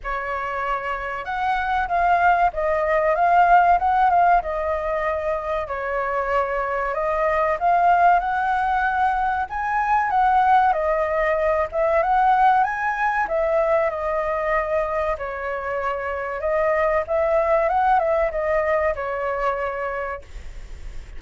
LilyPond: \new Staff \with { instrumentName = "flute" } { \time 4/4 \tempo 4 = 95 cis''2 fis''4 f''4 | dis''4 f''4 fis''8 f''8 dis''4~ | dis''4 cis''2 dis''4 | f''4 fis''2 gis''4 |
fis''4 dis''4. e''8 fis''4 | gis''4 e''4 dis''2 | cis''2 dis''4 e''4 | fis''8 e''8 dis''4 cis''2 | }